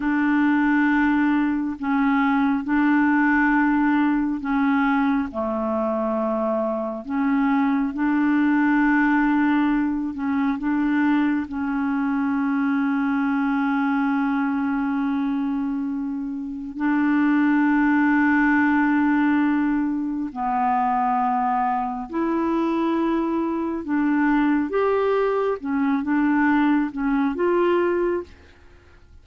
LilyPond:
\new Staff \with { instrumentName = "clarinet" } { \time 4/4 \tempo 4 = 68 d'2 cis'4 d'4~ | d'4 cis'4 a2 | cis'4 d'2~ d'8 cis'8 | d'4 cis'2.~ |
cis'2. d'4~ | d'2. b4~ | b4 e'2 d'4 | g'4 cis'8 d'4 cis'8 f'4 | }